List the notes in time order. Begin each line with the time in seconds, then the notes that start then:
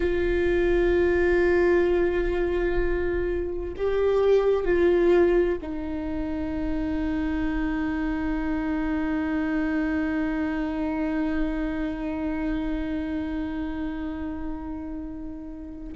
0.00 F4
3.77 G4
4.64 F4
5.61 D#4